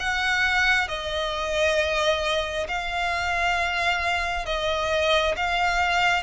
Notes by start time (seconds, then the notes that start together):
0.00 F#5
0.88 D#5
2.69 F5
4.46 D#5
5.37 F5